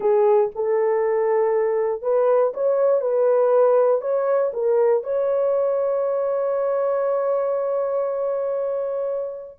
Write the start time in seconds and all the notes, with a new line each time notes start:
0.00 G#4
0.55 A4
2.02 B4
2.54 C#5
3.01 B4
4.01 C#5
4.53 A#4
5.03 C#5